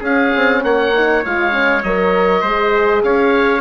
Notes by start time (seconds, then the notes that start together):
0.00 C#4 G#4 F5
0.35 C4
0.63 A#3 C#5 F#5
0.94 D#4
1.25 G#3 F4 F5
1.51 C#4
1.83 F#3 A#4 D#5
2.41 G#3 G#4 C5
3.03 C#4 C#5 F5